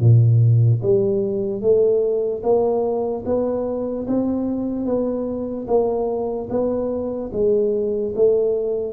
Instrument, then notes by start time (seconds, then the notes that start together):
tuba
0.00 A#2
0.83 G3
1.61 A3
2.43 A#3
3.25 B3
4.07 C4
4.85 B3
5.68 A#3
6.50 B3
7.33 G#3
8.16 A3